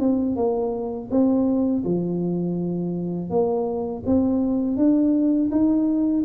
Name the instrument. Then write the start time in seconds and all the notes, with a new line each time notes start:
tuba
0.00 C4
0.37 A#3
1.11 C4
1.85 F3
3.31 A#3
4.06 C4
4.77 D4
5.51 D#4